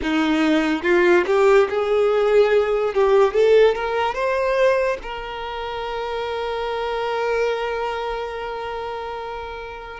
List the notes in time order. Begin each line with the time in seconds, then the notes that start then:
0.02 D#4
0.83 F4
1.26 G4
1.69 G#4
2.94 G4
3.33 A4
3.75 A#4
4.14 C5
5.02 A#4